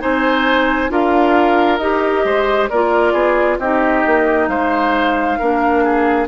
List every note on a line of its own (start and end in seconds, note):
0.00 0.90 C4
0.00 0.90 D#4
0.00 0.91 C5
0.00 0.92 G#5
0.90 1.80 D4
0.90 1.79 F4
0.90 2.26 A#4
0.90 1.78 F5
1.78 2.25 D#4
1.78 2.71 G4
1.78 2.68 D#5
2.25 2.70 G#3
2.25 2.70 C5
2.69 3.13 A#3
2.69 3.62 F4
2.69 3.13 A#4
2.69 3.59 D5
3.13 3.58 B3
3.13 3.58 G#4
3.59 4.04 C4
3.59 5.41 D#4
3.59 4.50 G4
3.59 4.49 D#5
4.07 4.48 A#3
4.48 5.38 G#3
4.48 5.39 C5
4.48 6.28 F5
5.39 6.28 A#3
5.39 6.28 D4
5.39 5.84 A#4
5.84 6.28 G#4